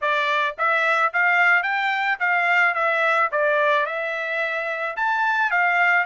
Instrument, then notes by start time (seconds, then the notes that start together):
trumpet
0.01 D5
0.58 E5
1.13 F5
1.62 G5
2.19 F5
2.74 E5
3.31 D5
3.86 E5
4.96 A5
5.50 F5